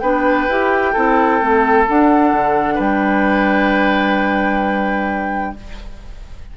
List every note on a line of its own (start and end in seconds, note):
0.00 0.48 B3
0.00 0.49 D4
0.00 0.93 B4
0.00 1.85 G5
0.49 0.95 E4
0.49 0.96 G4
0.93 1.42 C4
0.93 1.41 E4
0.93 2.75 A4
1.41 1.88 A3
1.41 1.87 C4
1.87 5.57 D4
1.87 2.33 D4
1.87 2.81 F#5
2.33 2.79 D3
2.75 5.56 G3
2.75 5.52 B4
2.75 5.57 G5